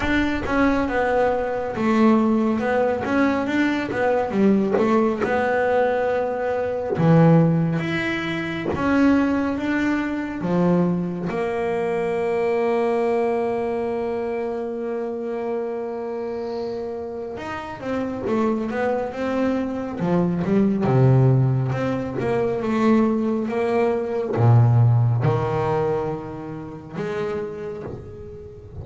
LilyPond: \new Staff \with { instrumentName = "double bass" } { \time 4/4 \tempo 4 = 69 d'8 cis'8 b4 a4 b8 cis'8 | d'8 b8 g8 a8 b2 | e4 e'4 cis'4 d'4 | f4 ais2.~ |
ais1 | dis'8 c'8 a8 b8 c'4 f8 g8 | c4 c'8 ais8 a4 ais4 | ais,4 dis2 gis4 | }